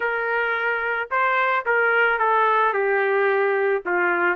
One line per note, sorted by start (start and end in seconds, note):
0.00 1.09 A#4
1.10 1.65 C5
1.65 2.18 A#4
2.18 2.73 A4
2.73 3.82 G4
3.85 4.36 F4